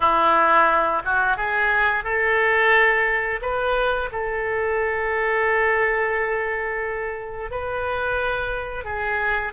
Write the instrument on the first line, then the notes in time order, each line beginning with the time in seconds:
oboe
0.00 E4
1.04 F#4
1.36 G#4
2.04 A4
3.41 B4
4.12 A4
7.50 B4
8.84 G#4